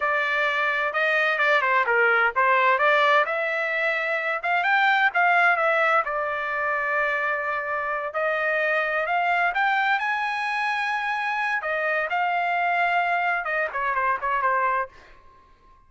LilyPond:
\new Staff \with { instrumentName = "trumpet" } { \time 4/4 \tempo 4 = 129 d''2 dis''4 d''8 c''8 | ais'4 c''4 d''4 e''4~ | e''4. f''8 g''4 f''4 | e''4 d''2.~ |
d''4. dis''2 f''8~ | f''8 g''4 gis''2~ gis''8~ | gis''4 dis''4 f''2~ | f''4 dis''8 cis''8 c''8 cis''8 c''4 | }